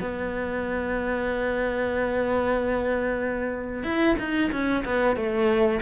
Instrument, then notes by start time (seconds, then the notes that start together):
cello
0.00 B3
3.83 E4
4.19 D#4
4.51 C#4
4.85 B3
5.16 A3